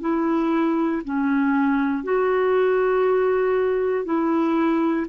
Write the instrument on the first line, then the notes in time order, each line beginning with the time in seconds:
clarinet
0.00 E4
1.04 C#4
2.03 F#4
4.04 E4